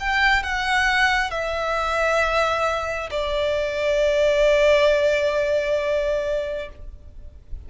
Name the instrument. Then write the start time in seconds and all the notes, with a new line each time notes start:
violin
0.00 G5
0.43 F#5
1.31 E5
3.11 D5